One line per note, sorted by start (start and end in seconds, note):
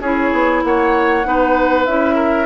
0.00 0.31 C#4
0.00 1.24 E4
0.00 0.63 G#4
0.00 0.63 C#5
0.32 0.63 B3
0.64 1.26 A#3
0.64 1.27 C#5
0.64 1.86 F#5
1.24 1.87 B3
1.24 1.86 D#4
1.24 2.15 B4
1.86 2.46 C#4
1.86 2.46 E4
1.86 2.46 E5
2.15 2.46 A#4